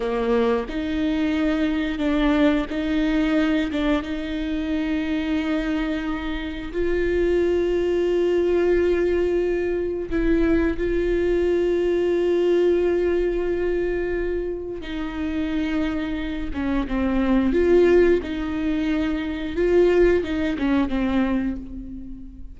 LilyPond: \new Staff \with { instrumentName = "viola" } { \time 4/4 \tempo 4 = 89 ais4 dis'2 d'4 | dis'4. d'8 dis'2~ | dis'2 f'2~ | f'2. e'4 |
f'1~ | f'2 dis'2~ | dis'8 cis'8 c'4 f'4 dis'4~ | dis'4 f'4 dis'8 cis'8 c'4 | }